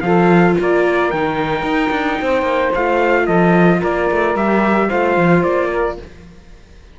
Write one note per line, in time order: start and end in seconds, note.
0.00 0.56 F3
0.00 1.12 F4
0.00 0.57 A4
0.00 0.54 F5
0.59 1.12 A#3
0.59 2.21 A#4
0.59 1.10 D5
1.10 1.63 D#3
1.10 2.76 D#4
1.10 2.73 G5
1.63 1.90 D#4
1.90 2.17 D4
2.21 2.42 C4
2.21 3.24 C5
2.42 2.69 A#3
2.74 3.27 A3
2.74 4.36 F4
2.74 3.26 F5
3.24 3.81 F3
3.24 3.78 A4
3.24 3.80 D#5
3.79 4.10 A#3
3.79 4.87 A#4
3.79 4.36 D5
4.11 4.35 A3
4.35 4.89 G3
4.35 4.90 G4
4.35 4.90 E5
4.88 5.16 A3
4.88 5.98 F4
4.88 5.69 C5
4.88 5.43 F5
5.16 5.43 F3
5.43 5.97 A#3
5.43 5.97 D5
5.70 5.97 A#4